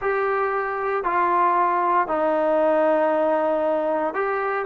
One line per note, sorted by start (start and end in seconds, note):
0.01 1.04 G4
1.04 2.07 F4
2.07 4.14 D#4
4.14 4.65 G4